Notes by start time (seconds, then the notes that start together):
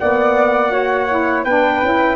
0.00 A#3 B3 D5 F#5
0.70 F#4 C#5
1.09 E4
1.45 B3 D4 B4 G5
1.83 C#4 E4